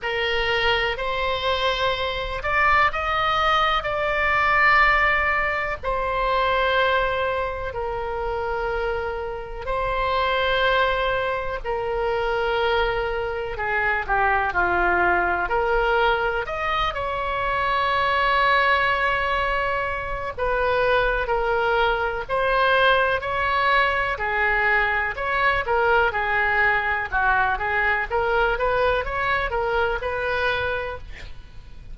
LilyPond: \new Staff \with { instrumentName = "oboe" } { \time 4/4 \tempo 4 = 62 ais'4 c''4. d''8 dis''4 | d''2 c''2 | ais'2 c''2 | ais'2 gis'8 g'8 f'4 |
ais'4 dis''8 cis''2~ cis''8~ | cis''4 b'4 ais'4 c''4 | cis''4 gis'4 cis''8 ais'8 gis'4 | fis'8 gis'8 ais'8 b'8 cis''8 ais'8 b'4 | }